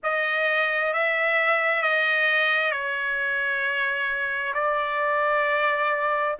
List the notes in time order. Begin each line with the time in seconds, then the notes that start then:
0.02 D#5
0.93 E5
1.82 D#5
2.71 C#5
4.54 D5